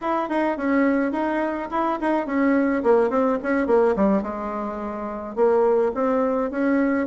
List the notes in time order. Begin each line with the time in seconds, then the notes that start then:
0.01 E4
0.29 D#4
0.57 C#4
1.12 D#4
1.70 E4
2.00 D#4
2.26 C#4
2.83 A#3
3.10 C4
3.42 C#4
3.66 A#3
3.96 G3
4.22 G#3
5.35 A#3
5.94 C4
6.51 C#4